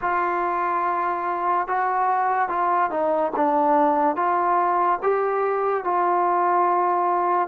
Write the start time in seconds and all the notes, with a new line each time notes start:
0.01 F4
1.67 F#4
2.48 F4
2.90 D#4
3.35 D4
4.16 F4
5.02 G4
5.84 F4